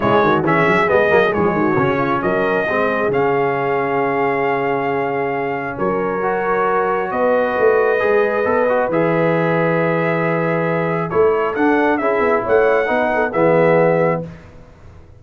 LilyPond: <<
  \new Staff \with { instrumentName = "trumpet" } { \time 4/4 \tempo 4 = 135 cis''4 e''4 dis''4 cis''4~ | cis''4 dis''2 f''4~ | f''1~ | f''4 cis''2. |
dis''1 | e''1~ | e''4 cis''4 fis''4 e''4 | fis''2 e''2 | }
  \new Staff \with { instrumentName = "horn" } { \time 4/4 e'8 fis'8 gis'2~ gis'8 fis'8~ | fis'8 f'8 ais'4 gis'2~ | gis'1~ | gis'4 ais'2. |
b'1~ | b'1~ | b'4 a'2 gis'4 | cis''4 b'8 a'8 gis'2 | }
  \new Staff \with { instrumentName = "trombone" } { \time 4/4 gis4 cis'4 b8 ais8 gis4 | cis'2 c'4 cis'4~ | cis'1~ | cis'2 fis'2~ |
fis'2 gis'4 a'8 fis'8 | gis'1~ | gis'4 e'4 d'4 e'4~ | e'4 dis'4 b2 | }
  \new Staff \with { instrumentName = "tuba" } { \time 4/4 cis8 dis8 e8 fis8 gis8 fis8 f8 dis8 | cis4 fis4 gis4 cis4~ | cis1~ | cis4 fis2. |
b4 a4 gis4 b4 | e1~ | e4 a4 d'4 cis'8 b8 | a4 b4 e2 | }
>>